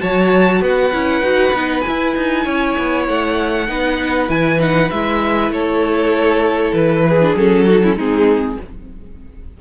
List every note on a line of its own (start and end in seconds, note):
0.00 0.62 F#3
0.00 0.92 F#4
0.00 0.62 C#5
0.00 0.61 A5
0.62 0.92 B3
0.62 2.45 B4
0.62 1.81 F#5
0.93 1.21 C#4
0.93 1.23 E4
1.21 1.52 D#4
1.21 1.54 F#4
1.53 1.84 B3
1.53 1.84 D#4
1.81 3.68 E4
1.81 3.03 G#5
1.88 2.16 E4
2.16 2.46 D#4
2.45 2.76 C#4
2.45 3.67 C#5
2.78 3.08 B3
3.08 3.69 A3
3.08 4.30 F#5
3.68 4.29 B3
3.68 4.29 D#4
3.68 5.53 B4
4.29 4.90 E3
4.29 4.59 E4
4.29 4.60 G#5
4.59 4.90 D#4
4.59 4.90 F#5
4.90 5.50 G#3
4.90 7.22 E4
4.90 5.52 E5
5.50 6.72 A3
5.50 7.07 A4
5.50 6.74 C#5
6.73 7.34 E3
6.73 7.35 B4
7.09 7.66 G#4
7.22 7.37 D4
7.36 7.95 F#3
7.36 7.67 C#4
7.36 7.98 A4
7.66 7.83 D#4
7.66 7.82 F#4
7.83 7.98 C#4
7.83 7.96 E4
7.95 8.56 G#3
7.95 8.60 C4
7.95 8.57 D#4
7.95 8.61 G#4